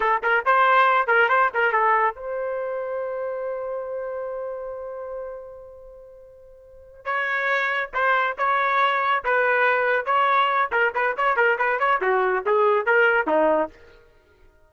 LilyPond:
\new Staff \with { instrumentName = "trumpet" } { \time 4/4 \tempo 4 = 140 a'8 ais'8 c''4. ais'8 c''8 ais'8 | a'4 c''2.~ | c''1~ | c''1~ |
c''8 cis''2 c''4 cis''8~ | cis''4. b'2 cis''8~ | cis''4 ais'8 b'8 cis''8 ais'8 b'8 cis''8 | fis'4 gis'4 ais'4 dis'4 | }